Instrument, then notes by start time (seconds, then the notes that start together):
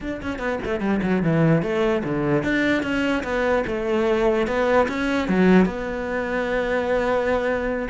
cello
0.00 D4
0.22 C#4
0.38 B3
0.64 A3
0.80 G3
1.02 F#3
1.22 E3
1.62 A3
2.04 D3
2.43 D4
2.82 C#4
3.23 B3
3.67 A3
4.47 B3
4.88 C#4
5.28 F#3
5.65 B3